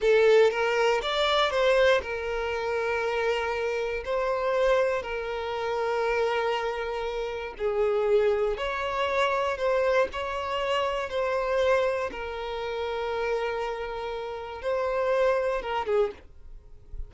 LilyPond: \new Staff \with { instrumentName = "violin" } { \time 4/4 \tempo 4 = 119 a'4 ais'4 d''4 c''4 | ais'1 | c''2 ais'2~ | ais'2. gis'4~ |
gis'4 cis''2 c''4 | cis''2 c''2 | ais'1~ | ais'4 c''2 ais'8 gis'8 | }